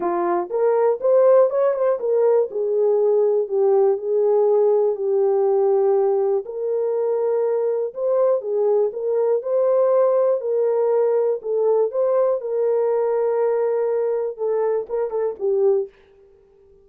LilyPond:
\new Staff \with { instrumentName = "horn" } { \time 4/4 \tempo 4 = 121 f'4 ais'4 c''4 cis''8 c''8 | ais'4 gis'2 g'4 | gis'2 g'2~ | g'4 ais'2. |
c''4 gis'4 ais'4 c''4~ | c''4 ais'2 a'4 | c''4 ais'2.~ | ais'4 a'4 ais'8 a'8 g'4 | }